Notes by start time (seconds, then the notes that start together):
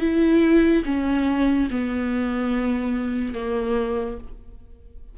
0.00 E4
0.85 C#4
1.70 B3
3.34 A#3